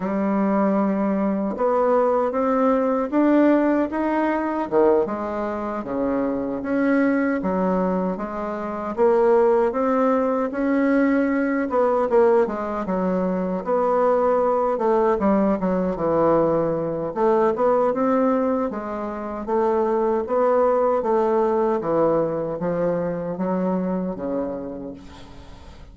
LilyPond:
\new Staff \with { instrumentName = "bassoon" } { \time 4/4 \tempo 4 = 77 g2 b4 c'4 | d'4 dis'4 dis8 gis4 cis8~ | cis8 cis'4 fis4 gis4 ais8~ | ais8 c'4 cis'4. b8 ais8 |
gis8 fis4 b4. a8 g8 | fis8 e4. a8 b8 c'4 | gis4 a4 b4 a4 | e4 f4 fis4 cis4 | }